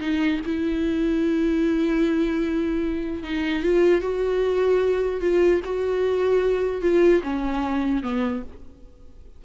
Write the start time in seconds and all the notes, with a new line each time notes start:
0.00 D#4
0.45 E4
3.23 D#4
3.62 F4
4.01 F#4
5.21 F4
5.64 F#4
6.81 F4
7.23 C#4
8.02 B3